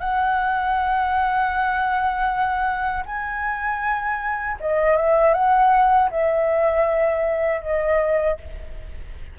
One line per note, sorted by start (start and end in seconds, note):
0.00 3.04 F#5
3.06 4.58 G#5
4.61 4.97 D#5
4.97 5.34 E5
5.34 6.10 F#5
6.11 7.62 E5
7.62 8.38 D#5